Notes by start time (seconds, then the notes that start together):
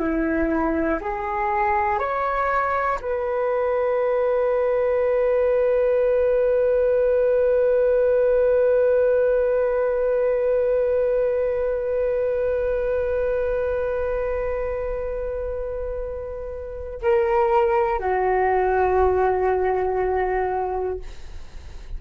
0.00 E4
1.01 G#4
1.99 C#5
3.01 B4
17.03 A#4
18.00 F#4